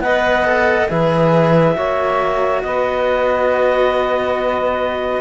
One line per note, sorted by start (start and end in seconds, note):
0.00 0.87 B3
0.00 0.45 B4
0.00 0.90 D#5
0.00 0.88 F#5
0.45 0.88 A4
0.88 1.77 E3
0.88 1.75 G#4
0.88 1.76 B4
0.88 2.63 E5
1.76 2.64 A#3
1.76 5.22 F#4
1.76 2.63 C#5
2.63 5.22 B3
2.63 5.22 B4
2.63 5.22 D#5